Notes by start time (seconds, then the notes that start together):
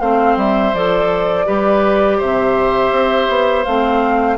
0.00 A3 C4 C5 F5
0.37 G3 E5
0.73 F3 A4 D5
1.46 G3 G4 B4
2.18 C3 C5 E5
2.91 C4
3.29 B3
3.64 A3 C4 F5